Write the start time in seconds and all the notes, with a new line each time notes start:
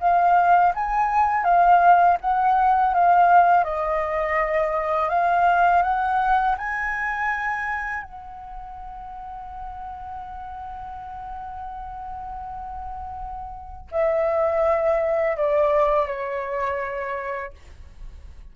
0.00 F5
0.75 G#5
1.44 F5
2.21 F#5
2.94 F5
3.64 D#5
5.10 F5
5.83 F#5
6.58 G#5
8.03 F#5
13.92 E5
15.37 D5
16.07 C#5